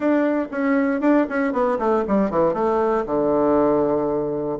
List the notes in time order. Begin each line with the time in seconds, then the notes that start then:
0.00 D4
0.51 C#4
1.00 D4
1.29 C#4
1.52 B3
1.78 A3
2.07 G3
2.30 E3
2.53 A3
3.06 D3